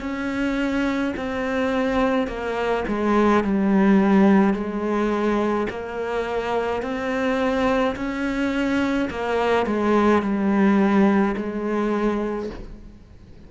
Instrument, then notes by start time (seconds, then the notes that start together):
cello
0.00 C#4
1.16 C4
2.27 A#3
2.88 G#3
3.44 G3
4.54 G#3
5.70 A#3
6.82 C4
7.96 C#4
9.10 A#3
9.66 G#3
10.22 G3
11.36 G#3